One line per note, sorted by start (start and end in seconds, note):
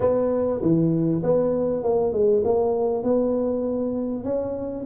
0.00 0.61 B3
0.61 1.22 E3
1.23 1.83 B3
1.83 2.12 A#3
2.12 2.42 G#3
2.44 3.03 A#3
3.03 4.24 B3
4.24 4.84 C#4